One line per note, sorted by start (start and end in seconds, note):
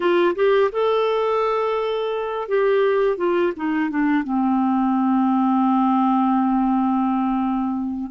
0.00 0.34 F4
0.35 0.70 G4
0.72 2.48 A4
2.48 3.17 G4
3.17 3.52 F4
3.56 3.90 D#4
3.90 4.23 D4
4.23 8.11 C4